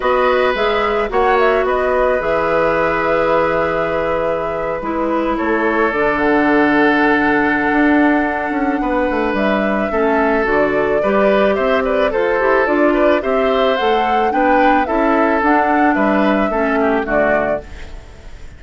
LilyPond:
<<
  \new Staff \with { instrumentName = "flute" } { \time 4/4 \tempo 4 = 109 dis''4 e''4 fis''8 e''8 dis''4 | e''1~ | e''8. b'4 cis''4 d''8 fis''8.~ | fis''1~ |
fis''4 e''2 d''4~ | d''4 e''8 d''8 c''4 d''4 | e''4 fis''4 g''4 e''4 | fis''4 e''2 d''4 | }
  \new Staff \with { instrumentName = "oboe" } { \time 4/4 b'2 cis''4 b'4~ | b'1~ | b'4.~ b'16 a'2~ a'16~ | a'1 |
b'2 a'2 | b'4 c''8 b'8 a'4. b'8 | c''2 b'4 a'4~ | a'4 b'4 a'8 g'8 fis'4 | }
  \new Staff \with { instrumentName = "clarinet" } { \time 4/4 fis'4 gis'4 fis'2 | gis'1~ | gis'8. e'2 d'4~ d'16~ | d'1~ |
d'2 cis'4 fis'4 | g'2 a'8 g'8 f'4 | g'4 a'4 d'4 e'4 | d'2 cis'4 a4 | }
  \new Staff \with { instrumentName = "bassoon" } { \time 4/4 b4 gis4 ais4 b4 | e1~ | e8. gis4 a4 d4~ d16~ | d2 d'4. cis'8 |
b8 a8 g4 a4 d4 | g4 c'4 f'8 e'8 d'4 | c'4 a4 b4 cis'4 | d'4 g4 a4 d4 | }
>>